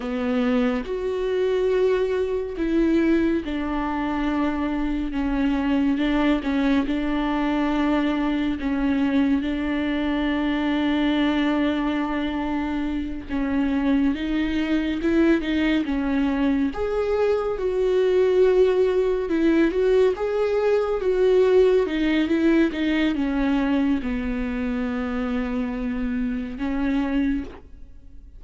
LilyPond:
\new Staff \with { instrumentName = "viola" } { \time 4/4 \tempo 4 = 70 b4 fis'2 e'4 | d'2 cis'4 d'8 cis'8 | d'2 cis'4 d'4~ | d'2.~ d'8 cis'8~ |
cis'8 dis'4 e'8 dis'8 cis'4 gis'8~ | gis'8 fis'2 e'8 fis'8 gis'8~ | gis'8 fis'4 dis'8 e'8 dis'8 cis'4 | b2. cis'4 | }